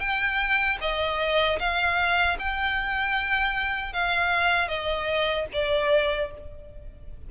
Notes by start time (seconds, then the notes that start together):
0.00 G5
0.81 D#5
1.59 F5
2.39 G5
3.93 F5
4.68 D#5
5.53 D5